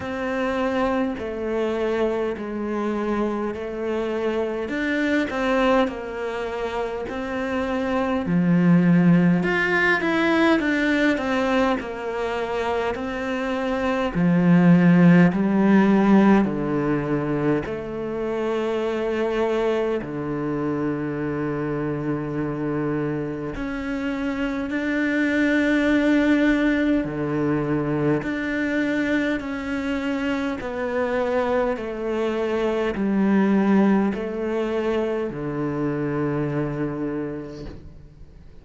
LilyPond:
\new Staff \with { instrumentName = "cello" } { \time 4/4 \tempo 4 = 51 c'4 a4 gis4 a4 | d'8 c'8 ais4 c'4 f4 | f'8 e'8 d'8 c'8 ais4 c'4 | f4 g4 d4 a4~ |
a4 d2. | cis'4 d'2 d4 | d'4 cis'4 b4 a4 | g4 a4 d2 | }